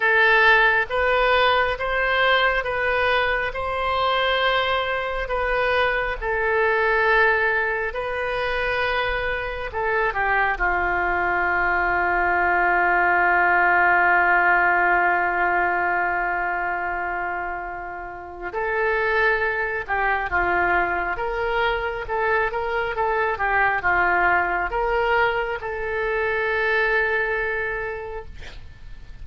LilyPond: \new Staff \with { instrumentName = "oboe" } { \time 4/4 \tempo 4 = 68 a'4 b'4 c''4 b'4 | c''2 b'4 a'4~ | a'4 b'2 a'8 g'8 | f'1~ |
f'1~ | f'4 a'4. g'8 f'4 | ais'4 a'8 ais'8 a'8 g'8 f'4 | ais'4 a'2. | }